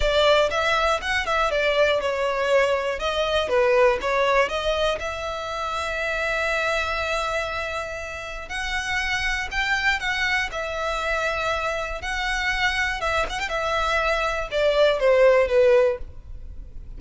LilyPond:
\new Staff \with { instrumentName = "violin" } { \time 4/4 \tempo 4 = 120 d''4 e''4 fis''8 e''8 d''4 | cis''2 dis''4 b'4 | cis''4 dis''4 e''2~ | e''1~ |
e''4 fis''2 g''4 | fis''4 e''2. | fis''2 e''8 fis''16 g''16 e''4~ | e''4 d''4 c''4 b'4 | }